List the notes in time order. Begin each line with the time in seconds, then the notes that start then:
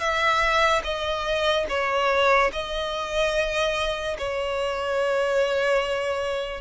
0.00 E5
0.84 D#5
1.69 C#5
2.53 D#5
4.18 C#5